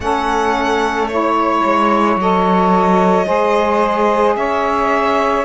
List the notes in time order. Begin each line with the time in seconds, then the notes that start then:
0.00 A3 C#4 A4 F#5
1.07 E4 C#5
1.64 G#3
2.16 F#3 A4 D#5
3.25 G#3 G#4 C5
4.36 C#4 C#5 E5